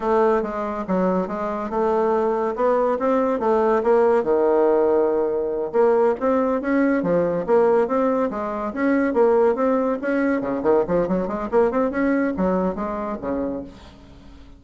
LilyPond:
\new Staff \with { instrumentName = "bassoon" } { \time 4/4 \tempo 4 = 141 a4 gis4 fis4 gis4 | a2 b4 c'4 | a4 ais4 dis2~ | dis4. ais4 c'4 cis'8~ |
cis'8 f4 ais4 c'4 gis8~ | gis8 cis'4 ais4 c'4 cis'8~ | cis'8 cis8 dis8 f8 fis8 gis8 ais8 c'8 | cis'4 fis4 gis4 cis4 | }